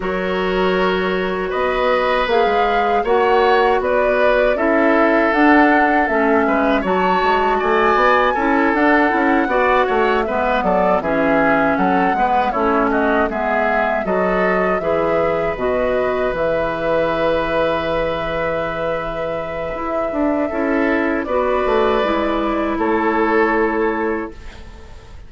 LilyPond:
<<
  \new Staff \with { instrumentName = "flute" } { \time 4/4 \tempo 4 = 79 cis''2 dis''4 f''4 | fis''4 d''4 e''4 fis''4 | e''4 a''4 gis''4. fis''8~ | fis''4. e''8 d''8 e''4 fis''8~ |
fis''8 cis''8 dis''8 e''4 dis''4 e''8~ | e''8 dis''4 e''2~ e''8~ | e''1 | d''2 cis''2 | }
  \new Staff \with { instrumentName = "oboe" } { \time 4/4 ais'2 b'2 | cis''4 b'4 a'2~ | a'8 b'8 cis''4 d''4 a'4~ | a'8 d''8 cis''8 b'8 a'8 gis'4 a'8 |
b'8 e'8 fis'8 gis'4 a'4 b'8~ | b'1~ | b'2. a'4 | b'2 a'2 | }
  \new Staff \with { instrumentName = "clarinet" } { \time 4/4 fis'2. gis'4 | fis'2 e'4 d'4 | cis'4 fis'2 e'8 d'8 | e'8 fis'4 b4 cis'4. |
b8 cis'4 b4 fis'4 gis'8~ | gis'8 fis'4 gis'2~ gis'8~ | gis'2. e'4 | fis'4 e'2. | }
  \new Staff \with { instrumentName = "bassoon" } { \time 4/4 fis2 b4 ais16 gis8. | ais4 b4 cis'4 d'4 | a8 gis8 fis8 gis8 a8 b8 cis'8 d'8 | cis'8 b8 a8 gis8 fis8 e4 fis8 |
gis8 a4 gis4 fis4 e8~ | e8 b,4 e2~ e8~ | e2 e'8 d'8 cis'4 | b8 a8 gis4 a2 | }
>>